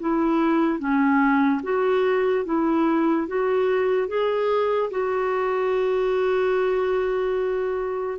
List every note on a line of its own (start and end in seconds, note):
0.00 0.79 E4
0.79 1.61 C#4
1.63 2.45 F#4
2.45 3.27 E4
3.27 4.08 F#4
4.08 4.90 G#4
4.91 8.19 F#4